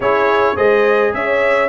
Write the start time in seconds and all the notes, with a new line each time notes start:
0.00 C#4 E4 G#4 C#5
0.55 G#3 G#4 C5 D#5
1.13 C#4 C#5 E5